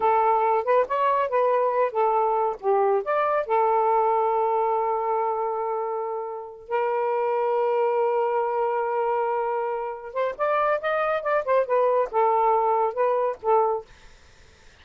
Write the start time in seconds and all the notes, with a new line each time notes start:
0.00 A4
0.64 B4
0.87 C#5
1.29 B4
1.91 A4
2.60 G4
3.04 D5
3.46 A4
6.68 A#4
10.13 C5
10.37 D5
10.81 D#5
11.22 D5
11.44 C5
11.66 B4
12.11 A4
12.93 B4
13.41 A4